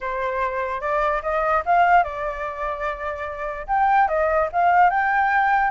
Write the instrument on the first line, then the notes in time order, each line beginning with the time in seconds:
flute
0.01 C5
0.81 D5
1.22 D#5
1.65 F5
2.03 D5
3.67 G5
4.08 D#5
4.52 F5
4.90 G5